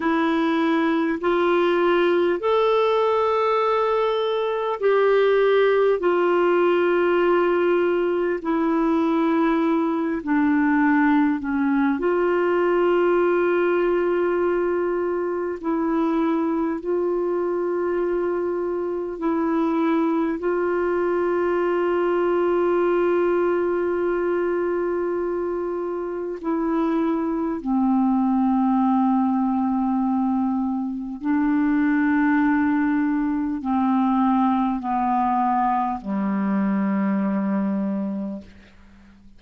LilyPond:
\new Staff \with { instrumentName = "clarinet" } { \time 4/4 \tempo 4 = 50 e'4 f'4 a'2 | g'4 f'2 e'4~ | e'8 d'4 cis'8 f'2~ | f'4 e'4 f'2 |
e'4 f'2.~ | f'2 e'4 c'4~ | c'2 d'2 | c'4 b4 g2 | }